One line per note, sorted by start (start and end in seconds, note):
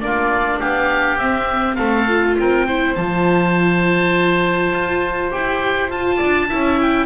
0.00 0.60 A#3
0.00 1.18 D4
0.00 0.59 F4
0.00 0.59 D5
0.59 1.18 B3
0.59 1.76 G4
0.59 1.18 F5
1.18 1.77 C4
1.18 2.07 C4
1.18 1.75 E5
1.75 2.37 A3
1.75 2.36 A4
1.75 2.34 F5
2.07 2.66 F4
2.38 2.96 C4
2.38 2.66 A#4
2.38 2.94 G5
2.66 2.97 E4
2.66 6.17 C5
2.94 4.73 F3
2.94 5.30 F4
2.94 5.30 A5
4.73 5.31 F4
5.30 5.89 E4
5.30 5.89 G4
5.30 5.90 G5
5.89 6.48 F4
5.89 6.19 F4
5.89 6.79 A5
6.17 6.51 D4
6.17 6.46 D5
6.48 7.06 C#4
6.48 7.06 E4
6.48 7.06 E5
6.81 7.06 G5